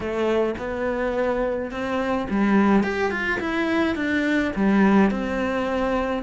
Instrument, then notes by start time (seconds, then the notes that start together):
cello
0.00 A3
0.58 B3
1.71 C4
2.30 G3
2.83 G4
3.11 F4
3.40 E4
3.95 D4
4.55 G3
5.10 C4